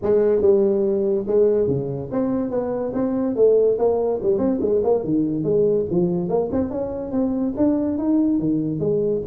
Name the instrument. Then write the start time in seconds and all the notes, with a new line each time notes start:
tuba
0.02 G#3
0.41 G3
1.27 G#3
1.67 C#3
2.11 C4
2.50 B3
2.93 C4
3.35 A3
3.78 A#3
4.22 G3
4.38 C4
4.60 G#3
4.83 A#3
5.03 D#3
5.43 G#3
5.90 F3
6.28 A#3
6.51 C4
6.70 C#4
7.11 C4
7.56 D4
7.98 D#4
8.39 D#3
8.79 G#3